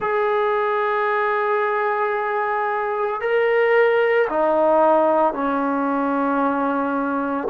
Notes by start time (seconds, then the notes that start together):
0.00 G#4
3.20 A#4
4.29 D#4
5.33 C#4